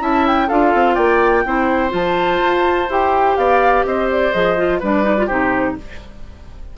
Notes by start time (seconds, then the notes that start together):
0.00 C#4 E4 E5 A5
0.27 G5
0.48 D4 F4 A4 F5
0.74 C4
0.95 A#3 D5 G5
1.45 C4 E4 C5
1.89 F3 F4 A5
2.41 F4
2.89 E4 G4 G5
3.36 B3 D5 F5
3.85 C4 C5 D#5
4.11 D5
4.33 F3 G#4 D#5
4.57 F4
4.79 G3 D4 B4 D5
5.03 D#4
5.17 F4
5.26 C3 D#4 G4 C5